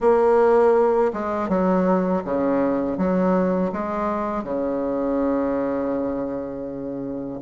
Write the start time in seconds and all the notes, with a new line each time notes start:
0.00 A#3
1.13 G#3
1.48 F#3
2.24 C#3
2.97 F#3
3.72 G#3
4.43 C#3